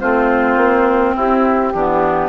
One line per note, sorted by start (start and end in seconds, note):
0.00 0.56 A3
0.00 1.74 C4
0.00 1.15 F4
0.00 1.15 C5
0.56 1.14 A#3
1.15 1.74 C4
1.15 1.73 E4
1.15 2.29 G4
1.73 2.29 E3
1.73 2.29 B3
1.73 2.29 D4